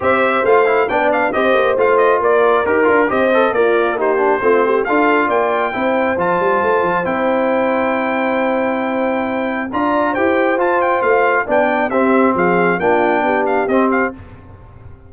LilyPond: <<
  \new Staff \with { instrumentName = "trumpet" } { \time 4/4 \tempo 4 = 136 e''4 f''4 g''8 f''8 dis''4 | f''8 dis''8 d''4 ais'4 dis''4 | d''4 c''2 f''4 | g''2 a''2 |
g''1~ | g''2 ais''4 g''4 | a''8 g''8 f''4 g''4 e''4 | f''4 g''4. f''8 dis''8 f''8 | }
  \new Staff \with { instrumentName = "horn" } { \time 4/4 c''2 d''4 c''4~ | c''4 ais'2 c''4 | f'4 g'4 f'8 g'8 a'4 | d''4 c''2.~ |
c''1~ | c''2 d''4 c''4~ | c''2 d''4 g'4 | gis'4 f'4 g'2 | }
  \new Staff \with { instrumentName = "trombone" } { \time 4/4 g'4 f'8 e'8 d'4 g'4 | f'2 g'8 f'8 g'8 a'8 | ais'4 dis'8 d'8 c'4 f'4~ | f'4 e'4 f'2 |
e'1~ | e'2 f'4 g'4 | f'2 d'4 c'4~ | c'4 d'2 c'4 | }
  \new Staff \with { instrumentName = "tuba" } { \time 4/4 c'4 a4 b4 c'8 ais8 | a4 ais4 dis'8 d'8 c'4 | ais2 a4 d'4 | ais4 c'4 f8 g8 a8 f8 |
c'1~ | c'2 d'4 e'4 | f'4 a4 b4 c'4 | f4 ais4 b4 c'4 | }
>>